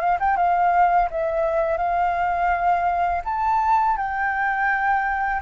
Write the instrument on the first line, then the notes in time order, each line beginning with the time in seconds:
flute
0.00 F5
0.20 G5
0.37 F5
1.11 E5
1.77 F5
3.25 A5
3.97 G5